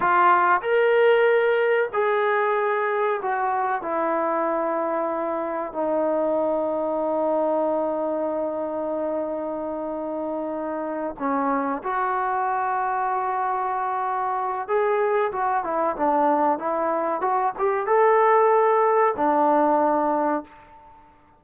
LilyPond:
\new Staff \with { instrumentName = "trombone" } { \time 4/4 \tempo 4 = 94 f'4 ais'2 gis'4~ | gis'4 fis'4 e'2~ | e'4 dis'2.~ | dis'1~ |
dis'4. cis'4 fis'4.~ | fis'2. gis'4 | fis'8 e'8 d'4 e'4 fis'8 g'8 | a'2 d'2 | }